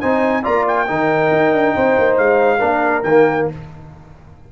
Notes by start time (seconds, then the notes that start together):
0.00 C4 D#4 C5 G#5
0.43 A#3 F4 D5 A#5
0.68 G5
0.87 D#3 D#4 A#4
1.31 D#4
1.53 D4
1.76 C4 C5
1.98 A#3
2.18 G#3 F5
2.59 A#3 D4 A#4
3.03 D#3 A#3 G5